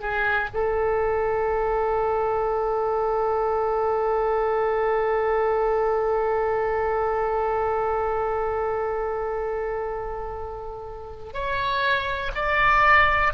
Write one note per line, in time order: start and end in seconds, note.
0.00 0.49 G#4
0.54 11.33 A4
11.33 12.31 C#5
12.34 13.33 D5